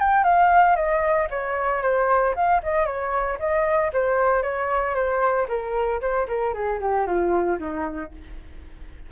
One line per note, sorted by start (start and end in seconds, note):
0.00 0.24 G5
0.24 0.76 F5
0.76 1.29 D#5
1.30 1.83 C#5
1.83 2.35 C5
2.36 2.62 F5
2.63 2.86 D#5
2.86 3.38 C#5
3.40 3.92 D#5
3.93 4.43 C5
4.43 4.95 C#5
4.95 5.48 C5
5.49 6.01 A#4
6.01 6.28 C5
6.28 6.54 A#4
6.54 6.80 G#4
6.81 7.07 G4
7.07 7.59 F4
7.60 8.12 D#4